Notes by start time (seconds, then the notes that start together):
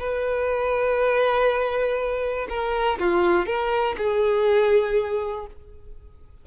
0.00 B4
2.50 A#4
3.00 F4
3.46 A#4
3.98 G#4